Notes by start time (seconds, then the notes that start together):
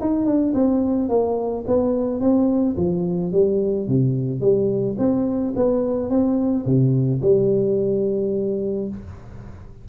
0.00 D#4
0.25 D4
0.54 C4
1.09 A#3
1.67 B3
2.20 C4
2.76 F3
3.32 G3
3.87 C3
4.40 G3
4.98 C4
5.56 B3
6.09 C4
6.65 C3
7.21 G3